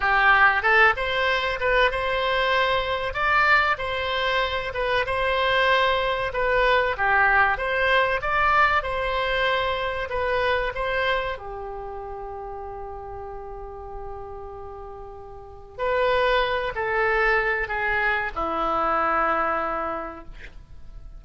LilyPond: \new Staff \with { instrumentName = "oboe" } { \time 4/4 \tempo 4 = 95 g'4 a'8 c''4 b'8 c''4~ | c''4 d''4 c''4. b'8 | c''2 b'4 g'4 | c''4 d''4 c''2 |
b'4 c''4 g'2~ | g'1~ | g'4 b'4. a'4. | gis'4 e'2. | }